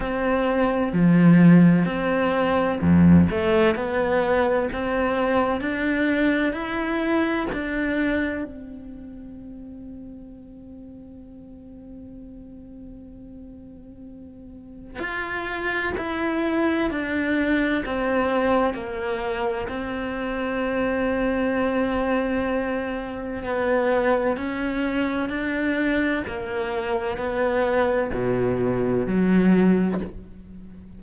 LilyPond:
\new Staff \with { instrumentName = "cello" } { \time 4/4 \tempo 4 = 64 c'4 f4 c'4 f,8 a8 | b4 c'4 d'4 e'4 | d'4 c'2.~ | c'1 |
f'4 e'4 d'4 c'4 | ais4 c'2.~ | c'4 b4 cis'4 d'4 | ais4 b4 b,4 fis4 | }